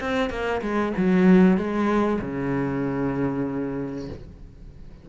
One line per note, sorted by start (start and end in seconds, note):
0.00 0.30 C4
0.30 0.61 A#3
0.61 0.93 G#3
0.97 1.57 F#3
1.57 2.20 G#3
2.21 4.09 C#3